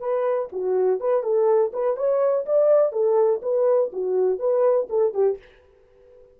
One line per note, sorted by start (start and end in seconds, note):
0.00 0.49 B4
0.52 1.00 F#4
1.00 1.23 B4
1.23 1.72 A4
1.73 1.97 B4
1.97 2.46 C#5
2.46 2.92 D5
2.92 3.41 A4
3.42 3.91 B4
3.93 4.39 F#4
4.39 4.88 B4
4.90 5.14 A4
5.14 5.38 G4